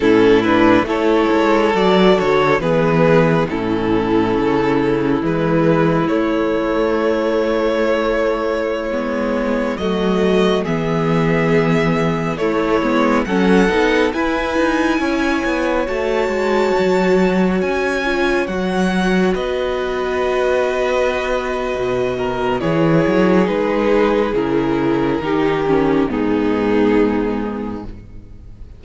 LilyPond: <<
  \new Staff \with { instrumentName = "violin" } { \time 4/4 \tempo 4 = 69 a'8 b'8 cis''4 d''8 cis''8 b'4 | a'2 b'4 cis''4~ | cis''2.~ cis''16 dis''8.~ | dis''16 e''2 cis''4 fis''8.~ |
fis''16 gis''2 a''4.~ a''16~ | a''16 gis''4 fis''4 dis''4.~ dis''16~ | dis''2 cis''4 b'4 | ais'2 gis'2 | }
  \new Staff \with { instrumentName = "violin" } { \time 4/4 e'4 a'2 gis'4 | e'1~ | e'2.~ e'16 fis'8.~ | fis'16 gis'2 e'4 a'8.~ |
a'16 b'4 cis''2~ cis''8.~ | cis''2~ cis''16 b'4.~ b'16~ | b'4. ais'8 gis'2~ | gis'4 g'4 dis'2 | }
  \new Staff \with { instrumentName = "viola" } { \time 4/4 cis'8 d'8 e'4 fis'4 b4 | cis'2 gis4 a4~ | a2~ a16 b4 a8.~ | a16 b2 a8 b8 cis'8 dis'16~ |
dis'16 e'2 fis'4.~ fis'16~ | fis'8. f'8 fis'2~ fis'8.~ | fis'2 e'4 dis'4 | e'4 dis'8 cis'8 b2 | }
  \new Staff \with { instrumentName = "cello" } { \time 4/4 a,4 a8 gis8 fis8 d8 e4 | a,4 cis4 e4 a4~ | a2~ a16 gis4 fis8.~ | fis16 e2 a8 gis8 fis8 b16~ |
b16 e'8 dis'8 cis'8 b8 a8 gis8 fis8.~ | fis16 cis'4 fis4 b4.~ b16~ | b4 b,4 e8 fis8 gis4 | cis4 dis4 gis,2 | }
>>